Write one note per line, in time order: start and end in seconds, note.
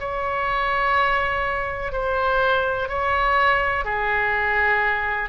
0.00 1.93 C#5
1.93 2.89 C5
2.89 3.85 C#5
3.85 5.30 G#4